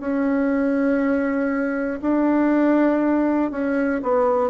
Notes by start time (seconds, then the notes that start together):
0.00 C#4
2.02 D4
3.51 C#4
4.02 B3